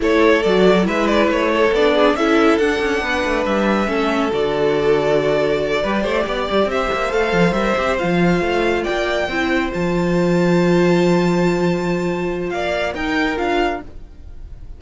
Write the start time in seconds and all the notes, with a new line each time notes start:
0.00 A3 E4 A4 C#5
0.42 F#3 F#4 D5
0.82 G#3 E4 B4 E5
1.07 D5
1.27 A3 C#5
1.51 A4
1.71 B3 D4 D5
1.94 G#4
2.14 C#4 E4 A4 E5
2.58 D4 F#5
2.80 C#4
3.01 B3 B4
3.24 A3
3.45 G3 E5
3.87 A3 C#4 A4
4.31 D3 F#4 D5
5.83 G3 G4 B4
6.02 A3 C5
6.27 B3 D5
6.50 G3
6.65 C4 E5
6.71 C5
6.92 A#3
7.10 A3 A4 F5
7.32 F3
7.51 G3 A#4 E5
7.77 C4 G4
7.98 F3 F4 F5
8.40 A3
8.83 D5 G5
8.89 A#3
9.28 C4 E4 C5
9.72 F3 F4 A5
12.49 A#3 D5 F5
12.94 D#4 A#4 G5
13.36 D4 F4 F5